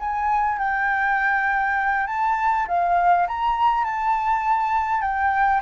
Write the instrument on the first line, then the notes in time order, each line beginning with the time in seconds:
flute
0.00 G#5
0.58 G5
2.07 A5
2.68 F5
3.28 A#5
3.85 A5
5.01 G5